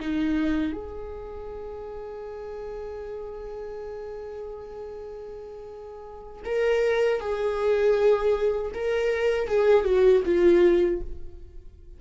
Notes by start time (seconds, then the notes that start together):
0.00 D#4
0.73 G#4
6.45 A#4
7.20 G#4
8.74 A#4
9.48 G#4
9.85 F#4
10.25 F4